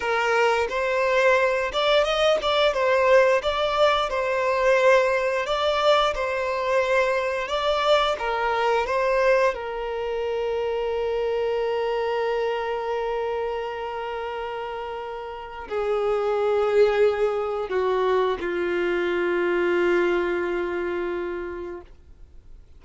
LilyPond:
\new Staff \with { instrumentName = "violin" } { \time 4/4 \tempo 4 = 88 ais'4 c''4. d''8 dis''8 d''8 | c''4 d''4 c''2 | d''4 c''2 d''4 | ais'4 c''4 ais'2~ |
ais'1~ | ais'2. gis'4~ | gis'2 fis'4 f'4~ | f'1 | }